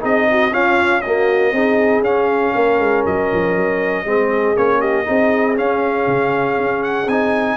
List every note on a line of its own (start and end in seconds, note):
0.00 0.52 C4
0.00 0.50 D#4
0.00 0.27 G#4
0.00 0.53 D#5
0.30 0.52 F#4
0.51 1.02 C#4
0.51 1.52 C#4
0.51 1.02 F4
0.51 1.01 F5
1.01 1.54 A#3
1.01 1.53 F#4
1.01 2.02 D#5
1.52 2.00 C4
1.52 2.04 D#4
1.52 2.53 G#4
2.00 2.51 C#4
2.00 4.05 C#4
2.00 3.04 F5
2.53 2.79 A#3
2.53 4.05 A#4
2.79 3.04 G#3
3.06 3.31 F#3
3.06 4.57 D#5
3.33 3.56 F3
3.56 4.05 F#3
4.05 4.55 G#3
4.05 4.55 C4
4.05 4.79 G#4
4.55 5.07 A#3
4.55 5.04 C#4
4.55 4.80 C#5
4.79 5.05 G4
4.79 5.56 D#5
5.04 5.58 C4
5.04 5.55 D#4
5.04 7.57 G#4
5.55 7.07 C#4
5.55 6.06 C#4
5.55 6.83 F5
6.06 6.57 C#3
6.57 7.06 C#4
6.83 7.08 F#5
7.06 7.56 C4
7.06 7.57 D#4
7.06 7.57 G#5